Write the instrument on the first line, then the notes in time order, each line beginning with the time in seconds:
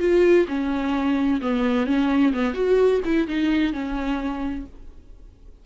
viola
0.00 F4
0.48 C#4
1.42 B3
1.87 C#4
2.33 B3
2.55 F#4
3.05 E4
3.28 D#4
3.73 C#4